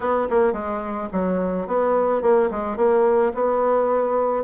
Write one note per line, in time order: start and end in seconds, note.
0.00 0.28 B3
0.30 0.53 A#3
0.53 1.08 G#3
1.12 1.67 F#3
1.67 2.21 B3
2.21 2.49 A#3
2.51 2.76 G#3
2.76 3.32 A#3
3.34 4.44 B3